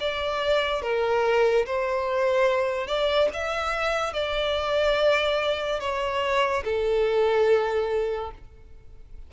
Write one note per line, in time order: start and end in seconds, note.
0.00 0.83 D5
0.83 1.66 A#4
1.67 2.87 C5
2.87 3.29 D5
3.34 4.14 E5
4.14 5.80 D5
5.81 6.64 C#5
6.65 8.31 A4